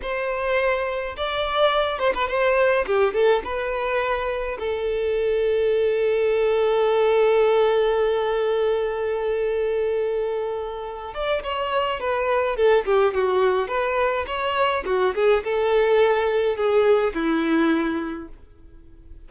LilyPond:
\new Staff \with { instrumentName = "violin" } { \time 4/4 \tempo 4 = 105 c''2 d''4. c''16 b'16 | c''4 g'8 a'8 b'2 | a'1~ | a'1~ |
a'2.~ a'8 d''8 | cis''4 b'4 a'8 g'8 fis'4 | b'4 cis''4 fis'8 gis'8 a'4~ | a'4 gis'4 e'2 | }